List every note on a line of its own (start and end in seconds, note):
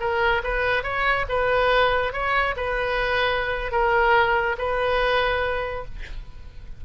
0.00 0.42 A#4
0.44 0.83 B4
0.83 1.26 C#5
1.29 2.13 B4
2.13 2.55 C#5
2.57 3.72 B4
3.72 4.56 A#4
4.58 5.85 B4